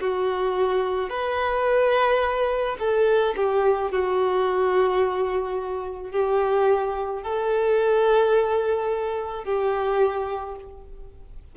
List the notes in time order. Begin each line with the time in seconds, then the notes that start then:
0.00 F#4
1.09 B4
2.79 A4
3.36 G4
3.91 F#4
6.11 G4
7.22 A4
9.44 G4